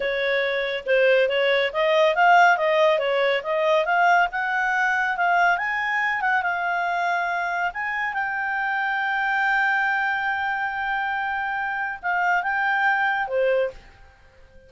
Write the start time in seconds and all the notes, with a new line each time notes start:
0.00 C#5
0.86 C5
1.28 C#5
1.72 D#5
2.15 F5
2.57 D#5
2.99 C#5
3.43 D#5
3.85 F5
4.31 F#5
5.16 F5
5.57 G#5
6.21 F#5
6.42 F5
7.73 G#5
8.13 G5
12.02 F5
12.42 G5
13.27 C5